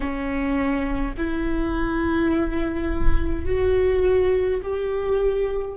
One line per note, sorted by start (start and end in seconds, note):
0.00 1.15 C#4
1.17 3.45 E4
3.45 4.60 F#4
4.62 5.77 G4